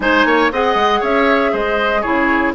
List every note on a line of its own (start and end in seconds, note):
0.00 0.24 G#3
0.00 0.50 D#4
0.00 0.26 C5
0.00 0.51 G#5
0.24 0.50 A#3
0.24 0.51 C#5
0.51 0.74 C4
0.51 2.04 G#4
0.51 1.00 D#5
0.51 1.03 F#5
0.74 1.00 G#3
1.00 1.53 C#4
1.00 1.51 C#5
1.00 1.54 E5
1.52 2.04 G#3
1.52 2.01 C5
1.52 2.02 D#5
2.01 2.54 C#3
2.01 2.54 E4
2.01 2.52 G#4
2.01 2.52 C#5